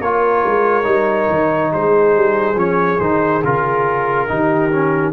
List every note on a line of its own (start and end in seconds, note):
0.00 0.43 A#3
0.00 0.83 F4
0.00 1.71 A#4
0.00 1.72 C#5
0.45 0.85 G#3
0.83 1.28 G3
0.83 2.55 D#4
1.29 1.72 D#3
1.71 2.16 G#3
1.71 4.28 G#4
1.71 2.58 C5
2.16 2.55 G3
2.55 2.98 F3
2.55 2.99 C#4
2.55 2.99 C#5
2.99 3.43 D#3
2.99 3.42 D#4
2.99 3.42 C5
3.43 4.29 C#3
3.43 4.27 F4
3.43 5.13 A#4
4.27 5.13 D#3
4.27 4.70 D#4
4.27 5.13 G4
4.71 5.13 C#4